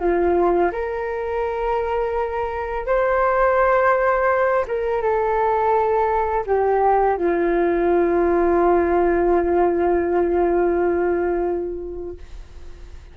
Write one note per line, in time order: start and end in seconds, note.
0.00 0.71 F4
0.72 2.86 A#4
2.87 4.65 C5
4.68 5.02 A#4
5.02 6.45 A4
6.46 7.18 G4
7.18 12.18 F4